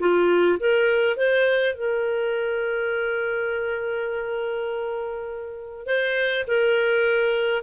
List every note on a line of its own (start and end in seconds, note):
0.00 0.59 F4
0.60 1.17 A#4
1.17 1.75 C5
1.75 5.86 A#4
5.86 6.45 C5
6.47 7.63 A#4